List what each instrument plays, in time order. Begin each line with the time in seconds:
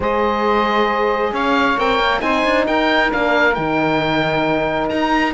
0.00 cello G#3, horn G#4, saxophone C5, oboe D#5
1.31 cello C#4, saxophone C#5, oboe F5
1.77 cello C4, horn A#4, oboe G5
1.99 cello A#3
2.19 cello C4, horn D#4, saxophone C5, oboe G#5
2.44 cello D4
2.66 cello D#4, saxophone A#4, oboe G5
3.09 cello A#3, horn D4, oboe F5
3.54 cello D#3, horn D#4, oboe G5
4.89 cello D#4, oboe A#5